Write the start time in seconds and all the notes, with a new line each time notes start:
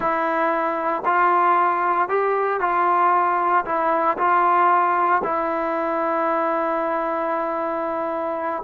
0.00 E4
1.05 F4
2.09 G4
2.60 F4
3.65 E4
4.17 F4
5.23 E4